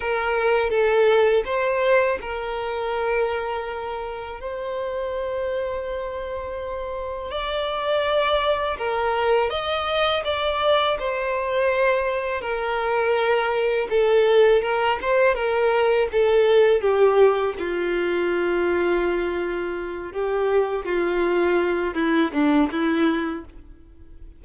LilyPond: \new Staff \with { instrumentName = "violin" } { \time 4/4 \tempo 4 = 82 ais'4 a'4 c''4 ais'4~ | ais'2 c''2~ | c''2 d''2 | ais'4 dis''4 d''4 c''4~ |
c''4 ais'2 a'4 | ais'8 c''8 ais'4 a'4 g'4 | f'2.~ f'8 g'8~ | g'8 f'4. e'8 d'8 e'4 | }